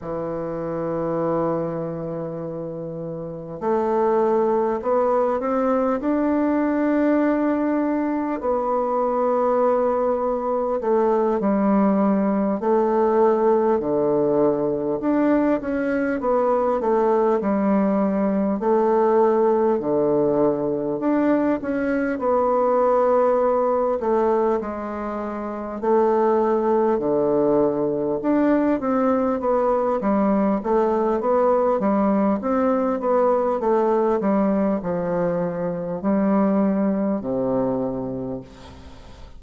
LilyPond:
\new Staff \with { instrumentName = "bassoon" } { \time 4/4 \tempo 4 = 50 e2. a4 | b8 c'8 d'2 b4~ | b4 a8 g4 a4 d8~ | d8 d'8 cis'8 b8 a8 g4 a8~ |
a8 d4 d'8 cis'8 b4. | a8 gis4 a4 d4 d'8 | c'8 b8 g8 a8 b8 g8 c'8 b8 | a8 g8 f4 g4 c4 | }